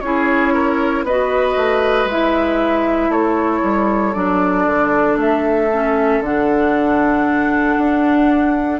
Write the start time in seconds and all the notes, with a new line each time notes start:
0.00 C#4 E4 G#4 C#5
0.54 A#4
1.03 B3 B4 D#5
1.09 F#4
1.57 A3
2.05 G#3 E4 E5
3.09 A3 A4 C#5
3.63 G3
4.13 F#3 D4 D5
4.67 D3
5.17 A3 E5
5.72 C#4
6.20 D3 D4 F#5
7.78 D4